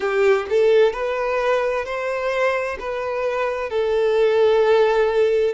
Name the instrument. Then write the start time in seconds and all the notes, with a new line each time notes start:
violin
0.00 G4
0.49 A4
0.92 B4
1.85 C5
2.79 B4
3.69 A4